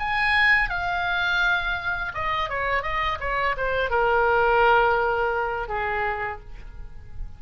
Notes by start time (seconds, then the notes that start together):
0.00 G#5
0.70 F5
2.15 D#5
2.50 C#5
2.83 D#5
3.20 C#5
3.57 C5
3.91 A#4
5.69 G#4